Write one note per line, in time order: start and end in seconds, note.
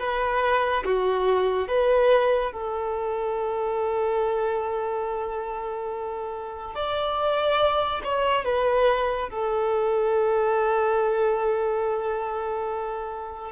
0.00 0.85 B4
0.85 1.69 F#4
1.69 2.53 B4
2.53 6.75 A4
6.76 8.02 D5
8.04 8.45 C#5
8.45 9.30 B4
9.30 13.52 A4